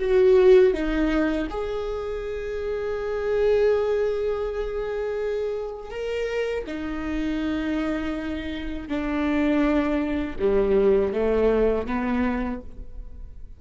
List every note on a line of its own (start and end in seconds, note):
0.00 0.74 F#4
0.74 1.48 D#4
1.51 5.91 G#4
5.91 6.65 A#4
6.67 8.89 D#4
8.89 10.37 D4
10.39 11.13 G3
11.13 11.87 A3
11.87 12.61 B3